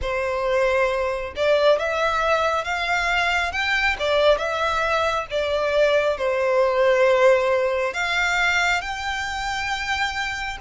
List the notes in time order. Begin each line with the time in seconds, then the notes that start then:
0.01 C5
1.36 D5
1.78 E5
2.64 F5
3.51 G5
3.99 D5
4.38 E5
5.30 D5
6.17 C5
7.93 F5
8.81 G5